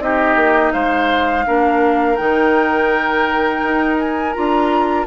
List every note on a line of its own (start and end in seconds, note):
0.00 0.36 C4
0.00 1.45 D#4
0.00 0.73 G4
0.00 0.72 D#5
0.36 0.72 A#3
0.72 1.46 G#3
0.72 1.45 C5
0.72 2.16 F5
1.46 2.20 A#3
1.46 2.17 D4
1.46 5.06 A#4
2.16 3.63 D#3
2.16 4.34 D#4
2.16 3.97 G5
3.63 4.35 D#4
3.99 4.33 G#5
4.33 5.06 D4
4.33 5.06 F4
4.33 5.05 A#5